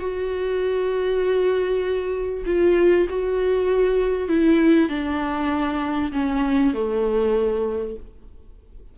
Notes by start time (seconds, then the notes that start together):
0.00 F#4
2.46 F4
3.10 F#4
4.29 E4
4.90 D4
6.13 C#4
6.74 A3